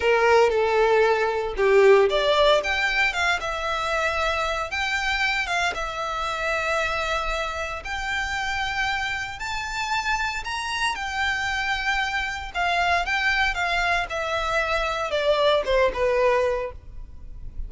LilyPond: \new Staff \with { instrumentName = "violin" } { \time 4/4 \tempo 4 = 115 ais'4 a'2 g'4 | d''4 g''4 f''8 e''4.~ | e''4 g''4. f''8 e''4~ | e''2. g''4~ |
g''2 a''2 | ais''4 g''2. | f''4 g''4 f''4 e''4~ | e''4 d''4 c''8 b'4. | }